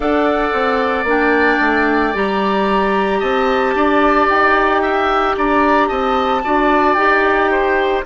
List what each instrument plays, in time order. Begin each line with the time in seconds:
0.00 bassoon D4, clarinet A4, oboe D5, flute F#5
0.52 bassoon C4
1.04 bassoon A#3, clarinet D4, flute G5
1.60 bassoon A3
2.13 bassoon G3, clarinet G4, flute A#5
3.19 bassoon C4, oboe D#5, flute A5
3.75 bassoon D4, oboe D5
4.28 bassoon D#4, flute G5
4.81 oboe E5
5.37 bassoon D4, oboe D5, flute A#5
5.87 bassoon C4, oboe D#5, flute A5
6.44 bassoon D4, clarinet F#4, oboe D5
6.93 bassoon D#4, clarinet G4, flute G5
7.51 oboe C5